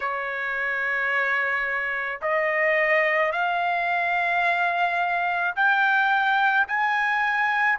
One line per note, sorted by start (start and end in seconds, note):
0.00 2.20 C#5
2.21 3.32 D#5
3.32 5.54 F5
5.56 6.67 G5
6.67 7.78 G#5